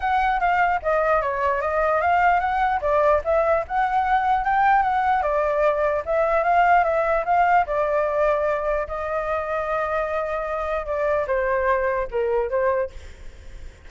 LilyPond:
\new Staff \with { instrumentName = "flute" } { \time 4/4 \tempo 4 = 149 fis''4 f''4 dis''4 cis''4 | dis''4 f''4 fis''4 d''4 | e''4 fis''2 g''4 | fis''4 d''2 e''4 |
f''4 e''4 f''4 d''4~ | d''2 dis''2~ | dis''2. d''4 | c''2 ais'4 c''4 | }